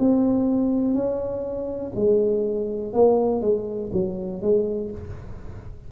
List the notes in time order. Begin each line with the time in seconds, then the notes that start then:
0.00 C4
0.94 C#4
1.96 G#3
2.94 A#3
3.42 G#3
3.93 F#3
4.42 G#3